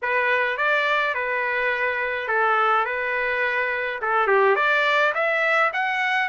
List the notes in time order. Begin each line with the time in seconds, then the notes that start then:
0.02 B4
0.57 D5
1.14 B4
2.28 A4
2.85 B4
4.01 A4
4.27 G4
4.55 D5
5.14 E5
5.73 F#5